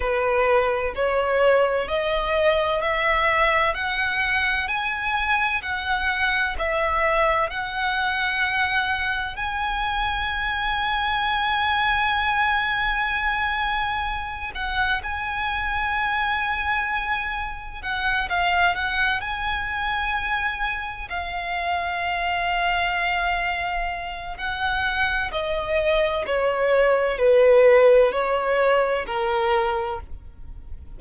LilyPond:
\new Staff \with { instrumentName = "violin" } { \time 4/4 \tempo 4 = 64 b'4 cis''4 dis''4 e''4 | fis''4 gis''4 fis''4 e''4 | fis''2 gis''2~ | gis''2.~ gis''8 fis''8 |
gis''2. fis''8 f''8 | fis''8 gis''2 f''4.~ | f''2 fis''4 dis''4 | cis''4 b'4 cis''4 ais'4 | }